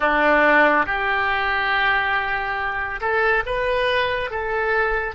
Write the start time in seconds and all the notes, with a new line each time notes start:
0.00 D4
0.86 G4
3.00 A4
3.46 B4
4.30 A4